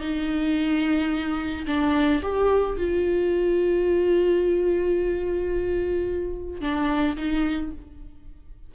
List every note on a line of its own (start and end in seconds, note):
0.00 1.65 D#4
1.66 2.21 D4
2.22 2.77 G4
2.77 6.61 F4
6.61 7.16 D4
7.16 7.71 D#4